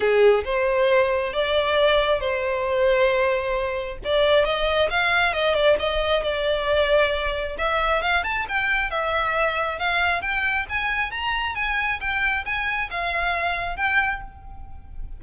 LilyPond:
\new Staff \with { instrumentName = "violin" } { \time 4/4 \tempo 4 = 135 gis'4 c''2 d''4~ | d''4 c''2.~ | c''4 d''4 dis''4 f''4 | dis''8 d''8 dis''4 d''2~ |
d''4 e''4 f''8 a''8 g''4 | e''2 f''4 g''4 | gis''4 ais''4 gis''4 g''4 | gis''4 f''2 g''4 | }